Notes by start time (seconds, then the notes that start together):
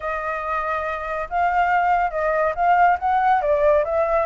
0.00 D#5
1.29 F5
2.11 D#5
2.55 F5
2.99 F#5
3.41 D5
3.84 E5